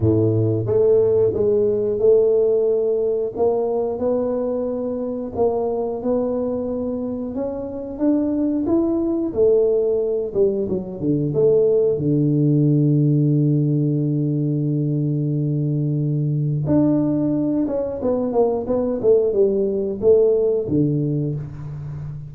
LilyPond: \new Staff \with { instrumentName = "tuba" } { \time 4/4 \tempo 4 = 90 a,4 a4 gis4 a4~ | a4 ais4 b2 | ais4 b2 cis'4 | d'4 e'4 a4. g8 |
fis8 d8 a4 d2~ | d1~ | d4 d'4. cis'8 b8 ais8 | b8 a8 g4 a4 d4 | }